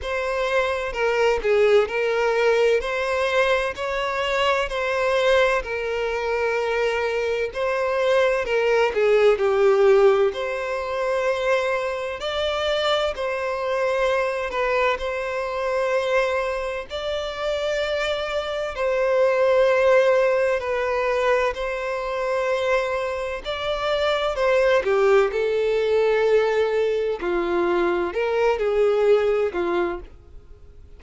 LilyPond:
\new Staff \with { instrumentName = "violin" } { \time 4/4 \tempo 4 = 64 c''4 ais'8 gis'8 ais'4 c''4 | cis''4 c''4 ais'2 | c''4 ais'8 gis'8 g'4 c''4~ | c''4 d''4 c''4. b'8 |
c''2 d''2 | c''2 b'4 c''4~ | c''4 d''4 c''8 g'8 a'4~ | a'4 f'4 ais'8 gis'4 f'8 | }